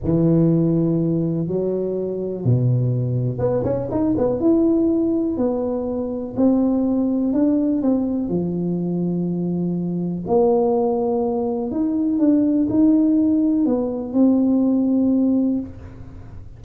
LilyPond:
\new Staff \with { instrumentName = "tuba" } { \time 4/4 \tempo 4 = 123 e2. fis4~ | fis4 b,2 b8 cis'8 | dis'8 b8 e'2 b4~ | b4 c'2 d'4 |
c'4 f2.~ | f4 ais2. | dis'4 d'4 dis'2 | b4 c'2. | }